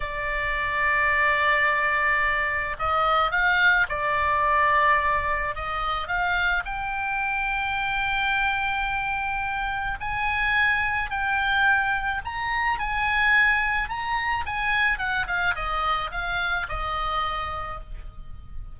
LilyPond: \new Staff \with { instrumentName = "oboe" } { \time 4/4 \tempo 4 = 108 d''1~ | d''4 dis''4 f''4 d''4~ | d''2 dis''4 f''4 | g''1~ |
g''2 gis''2 | g''2 ais''4 gis''4~ | gis''4 ais''4 gis''4 fis''8 f''8 | dis''4 f''4 dis''2 | }